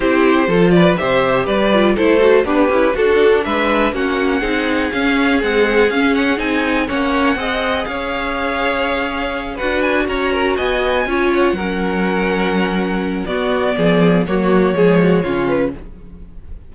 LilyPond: <<
  \new Staff \with { instrumentName = "violin" } { \time 4/4 \tempo 4 = 122 c''4. d''8 e''4 d''4 | c''4 b'4 a'4 e''4 | fis''2 f''4 fis''4 | f''8 fis''8 gis''4 fis''2 |
f''2.~ f''8 fis''8 | gis''8 ais''4 gis''4. fis''4~ | fis''2. d''4~ | d''4 cis''2~ cis''8 b'8 | }
  \new Staff \with { instrumentName = "violin" } { \time 4/4 g'4 a'8 b'8 c''4 b'4 | a'4 d'8 e'8 fis'4 b'4 | fis'4 gis'2.~ | gis'2 cis''4 dis''4 |
cis''2.~ cis''8 b'8~ | b'8 cis''8 ais'8 dis''4 cis''4 ais'8~ | ais'2. fis'4 | gis'4 fis'4 gis'8 fis'8 f'4 | }
  \new Staff \with { instrumentName = "viola" } { \time 4/4 e'4 f'4 g'4. f'8 | e'8 fis'8 g'4 d'2 | cis'4 dis'4 cis'4 gis4 | cis'4 dis'4 cis'4 gis'4~ |
gis'2.~ gis'8 fis'8~ | fis'2~ fis'8 f'4 cis'8~ | cis'2. b4~ | b4 ais4 gis4 cis'4 | }
  \new Staff \with { instrumentName = "cello" } { \time 4/4 c'4 f4 c4 g4 | a4 b8 cis'8 d'4 gis4 | ais4 c'4 cis'4 c'4 | cis'4 c'4 ais4 c'4 |
cis'2.~ cis'8 d'8~ | d'8 cis'4 b4 cis'4 fis8~ | fis2. b4 | f4 fis4 f4 cis4 | }
>>